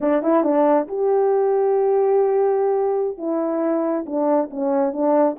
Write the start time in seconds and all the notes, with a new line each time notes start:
0.01 D4
0.22 E4
0.43 D4
0.88 G4
3.17 E4
4.06 D4
4.50 C#4
4.92 D4